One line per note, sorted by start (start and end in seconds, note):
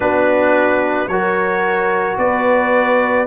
0.00 1.07 B3
0.00 1.09 D4
0.00 1.09 F#4
0.00 1.08 B4
1.07 2.16 F#3
1.07 3.27 F#4
1.07 2.19 A#4
1.07 2.17 C#5
2.17 3.26 B3
2.17 3.27 B4
2.17 3.27 D5